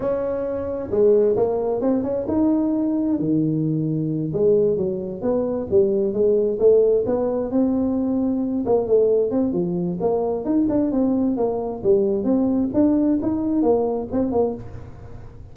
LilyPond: \new Staff \with { instrumentName = "tuba" } { \time 4/4 \tempo 4 = 132 cis'2 gis4 ais4 | c'8 cis'8 dis'2 dis4~ | dis4. gis4 fis4 b8~ | b8 g4 gis4 a4 b8~ |
b8 c'2~ c'8 ais8 a8~ | a8 c'8 f4 ais4 dis'8 d'8 | c'4 ais4 g4 c'4 | d'4 dis'4 ais4 c'8 ais8 | }